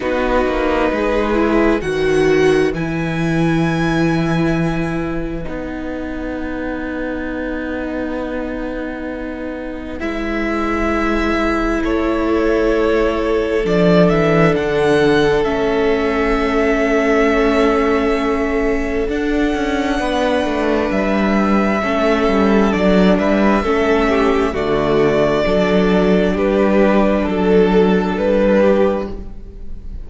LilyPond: <<
  \new Staff \with { instrumentName = "violin" } { \time 4/4 \tempo 4 = 66 b'2 fis''4 gis''4~ | gis''2 fis''2~ | fis''2. e''4~ | e''4 cis''2 d''8 e''8 |
fis''4 e''2.~ | e''4 fis''2 e''4~ | e''4 d''8 e''4. d''4~ | d''4 b'4 a'4 b'4 | }
  \new Staff \with { instrumentName = "violin" } { \time 4/4 fis'4 gis'4 b'2~ | b'1~ | b'1~ | b'4 a'2.~ |
a'1~ | a'2 b'2 | a'4. b'8 a'8 g'8 fis'4 | a'4 g'4 a'4. g'8 | }
  \new Staff \with { instrumentName = "viola" } { \time 4/4 dis'4. e'8 fis'4 e'4~ | e'2 dis'2~ | dis'2. e'4~ | e'2. d'4~ |
d'4 cis'2.~ | cis'4 d'2. | cis'4 d'4 cis'4 a4 | d'1 | }
  \new Staff \with { instrumentName = "cello" } { \time 4/4 b8 ais8 gis4 dis4 e4~ | e2 b2~ | b2. gis4~ | gis4 a2 f8 e8 |
d4 a2.~ | a4 d'8 cis'8 b8 a8 g4 | a8 g8 fis8 g8 a4 d4 | fis4 g4 fis4 g4 | }
>>